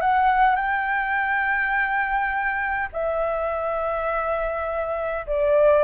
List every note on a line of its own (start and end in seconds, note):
0.00 0.56 F#5
0.56 2.89 G5
2.92 5.25 E5
5.26 5.83 D5